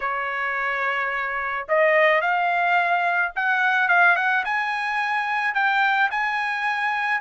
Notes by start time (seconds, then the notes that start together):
0.00 C#5
1.68 D#5
2.21 F5
3.35 F#5
3.88 F5
4.16 F#5
4.44 G#5
5.54 G5
6.10 G#5